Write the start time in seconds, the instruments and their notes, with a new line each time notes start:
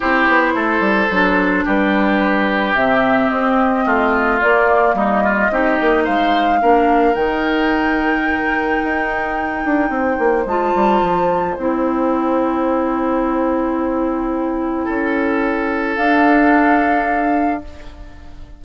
0.00 bassoon C4, clarinet E4, oboe G4, flute C5
0.27 bassoon B3
0.54 bassoon A3, oboe A4
0.79 bassoon G3
1.10 bassoon F#3, clarinet D4
1.64 bassoon G3, oboe G4, flute B4
2.74 bassoon C3, clarinet C4, flute E5
3.29 bassoon C4, flute D#5
3.85 bassoon A3, oboe F4
4.40 clarinet A#3, bassoon A#3, flute D5
4.94 bassoon G3, oboe D#4, flute D#5
5.23 oboe F4
5.50 bassoon C4, clarinet D#4, oboe G4
5.80 bassoon A#3
6.04 bassoon G#3, oboe C5, flute F5
6.60 bassoon A#3, clarinet D4, oboe A#4
7.14 bassoon D#3, clarinet D#4, flute G5
8.83 bassoon D#4
9.64 bassoon D4
9.89 bassoon C4, oboe C5
10.18 bassoon A#3
10.45 bassoon G#3, clarinet F4, flute A5
10.75 bassoon G3
11.01 bassoon F3
11.56 bassoon C4, clarinet E4, flute G5
14.84 bassoon C#4, oboe A4
15.96 bassoon D4, clarinet D4, flute F5